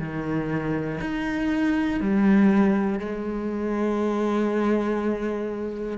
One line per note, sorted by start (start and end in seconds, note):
0.00 1.00 D#3
1.01 2.01 D#4
2.01 3.00 G3
3.00 5.98 G#3